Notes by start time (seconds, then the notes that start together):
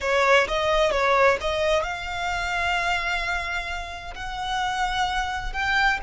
0.01 C#5
0.47 D#5
0.91 C#5
1.40 D#5
1.83 F5
4.14 F#5
5.53 G5